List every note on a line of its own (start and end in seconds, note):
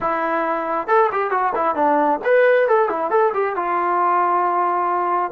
0.00 0.87 E4
0.87 1.09 A4
1.12 1.30 G4
1.30 1.53 F#4
1.55 1.75 E4
1.75 2.19 D4
2.24 2.68 B4
2.68 2.89 A4
2.89 3.10 E4
3.10 3.32 A4
3.33 3.56 G4
3.56 5.31 F4